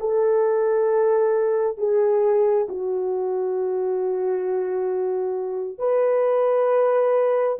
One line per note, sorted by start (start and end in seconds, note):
0.00 1.77 A4
1.77 2.67 G#4
2.69 5.79 F#4
5.79 7.58 B4